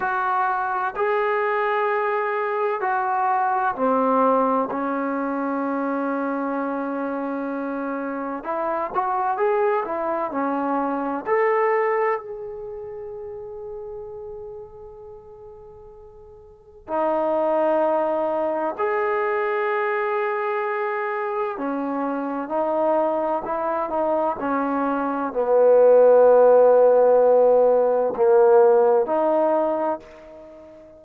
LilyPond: \new Staff \with { instrumentName = "trombone" } { \time 4/4 \tempo 4 = 64 fis'4 gis'2 fis'4 | c'4 cis'2.~ | cis'4 e'8 fis'8 gis'8 e'8 cis'4 | a'4 gis'2.~ |
gis'2 dis'2 | gis'2. cis'4 | dis'4 e'8 dis'8 cis'4 b4~ | b2 ais4 dis'4 | }